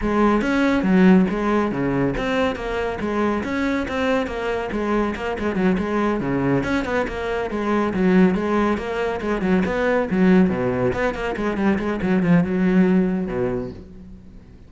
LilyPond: \new Staff \with { instrumentName = "cello" } { \time 4/4 \tempo 4 = 140 gis4 cis'4 fis4 gis4 | cis4 c'4 ais4 gis4 | cis'4 c'4 ais4 gis4 | ais8 gis8 fis8 gis4 cis4 cis'8 |
b8 ais4 gis4 fis4 gis8~ | gis8 ais4 gis8 fis8 b4 fis8~ | fis8 b,4 b8 ais8 gis8 g8 gis8 | fis8 f8 fis2 b,4 | }